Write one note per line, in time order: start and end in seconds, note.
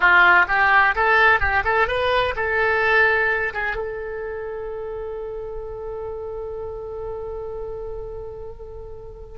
0.00 0.45 F4
0.48 0.94 G4
0.95 1.39 A4
1.39 1.63 G4
1.64 1.87 A4
1.87 2.34 B4
2.36 3.53 A4
3.53 3.76 G#4
3.76 9.38 A4